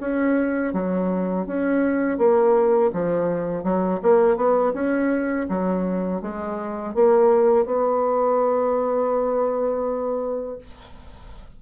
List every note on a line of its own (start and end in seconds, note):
0.00 0.73 C#4
0.73 1.46 F#3
1.46 2.18 C#4
2.18 2.91 A#3
2.93 3.63 F3
3.63 4.00 F#3
4.02 4.36 A#3
4.36 4.73 B3
4.73 5.46 C#4
5.49 6.21 F#3
6.21 6.94 G#3
6.94 7.65 A#3
7.65 10.58 B3